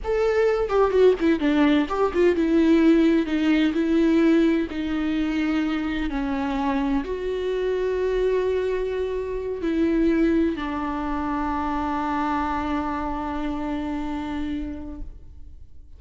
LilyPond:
\new Staff \with { instrumentName = "viola" } { \time 4/4 \tempo 4 = 128 a'4. g'8 fis'8 e'8 d'4 | g'8 f'8 e'2 dis'4 | e'2 dis'2~ | dis'4 cis'2 fis'4~ |
fis'1~ | fis'8 e'2 d'4.~ | d'1~ | d'1 | }